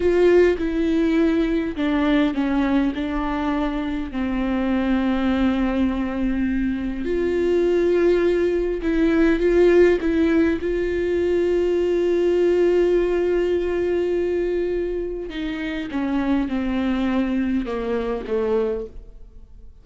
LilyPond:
\new Staff \with { instrumentName = "viola" } { \time 4/4 \tempo 4 = 102 f'4 e'2 d'4 | cis'4 d'2 c'4~ | c'1 | f'2. e'4 |
f'4 e'4 f'2~ | f'1~ | f'2 dis'4 cis'4 | c'2 ais4 a4 | }